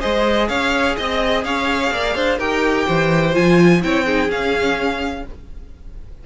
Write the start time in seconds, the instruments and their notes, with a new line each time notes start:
0.00 cello G#3, viola G#4, violin C5 D#5
0.48 cello C#4, violin C#5 F5
0.97 cello C4, violin D#5
1.44 cello C#4, violin C#5 F5
1.91 cello A#3, violin D5
2.15 cello D4, violin C5
2.38 cello D#4, viola G4, violin A#4 G5
2.86 cello E3, violin C5
3.33 cello F3, viola F4, violin G#5
3.81 cello C4, viola E4, violin C#5 G5
4.05 viola D#4, violin G#4
4.28 viola C#4, cello C#4, violin F5